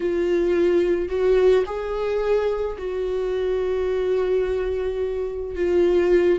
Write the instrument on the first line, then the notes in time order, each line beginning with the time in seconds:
viola
0.00 F4
1.08 F#4
1.65 G#4
2.78 F#4
5.55 F4